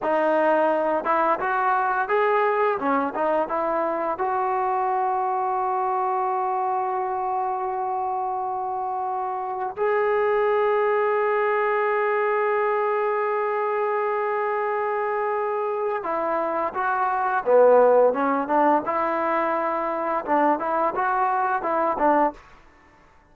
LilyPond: \new Staff \with { instrumentName = "trombone" } { \time 4/4 \tempo 4 = 86 dis'4. e'8 fis'4 gis'4 | cis'8 dis'8 e'4 fis'2~ | fis'1~ | fis'2 gis'2~ |
gis'1~ | gis'2. e'4 | fis'4 b4 cis'8 d'8 e'4~ | e'4 d'8 e'8 fis'4 e'8 d'8 | }